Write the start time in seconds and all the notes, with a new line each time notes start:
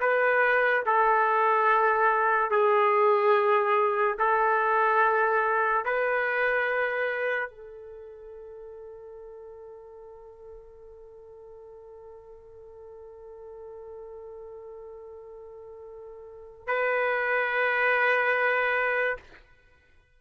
0.00 B4
0.86 A4
2.51 G#4
4.19 A4
5.85 B4
7.50 A4
16.67 B4